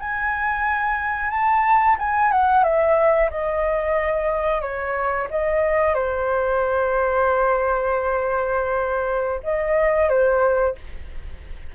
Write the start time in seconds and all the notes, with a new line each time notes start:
0.00 G#5
1.31 A5
1.99 G#5
2.32 F#5
2.64 E5
3.31 D#5
4.62 C#5
5.31 D#5
5.95 C5
9.43 D#5
10.09 C5